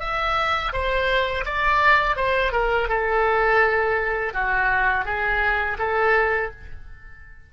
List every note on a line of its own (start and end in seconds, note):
0.00 0.72 E5
0.73 1.45 C5
1.46 2.16 D5
2.16 2.52 C5
2.53 2.89 A#4
2.89 4.34 A4
4.34 5.05 F#4
5.05 5.78 G#4
5.79 6.51 A4